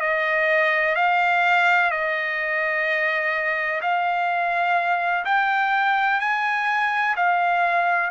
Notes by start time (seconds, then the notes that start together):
0.00 D#5
0.95 F5
1.90 D#5
3.81 F5
5.25 G5
6.19 G#5
7.16 F5